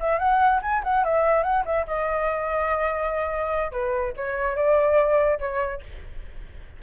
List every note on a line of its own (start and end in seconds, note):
0.00 0.19 E5
0.19 0.61 F#5
0.62 0.83 G#5
0.84 1.05 F#5
1.05 1.43 E5
1.43 1.64 F#5
1.65 1.86 E5
1.87 3.72 D#5
3.72 4.13 B4
4.16 4.56 C#5
4.56 5.39 D5
5.39 5.81 C#5